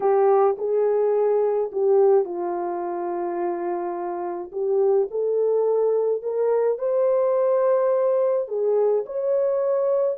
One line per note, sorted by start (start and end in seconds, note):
0.00 0.56 G4
0.57 1.71 G#4
1.71 2.25 G4
2.25 4.51 F4
4.52 5.08 G4
5.10 6.22 A4
6.22 6.78 A#4
6.78 8.48 C5
8.48 9.04 G#4
9.06 10.17 C#5